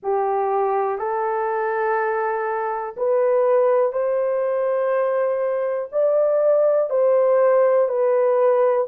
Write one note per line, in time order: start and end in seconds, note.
0.02 0.98 G4
0.98 2.95 A4
2.96 3.92 B4
3.92 5.89 C5
5.92 6.90 D5
6.90 7.88 C5
7.88 8.87 B4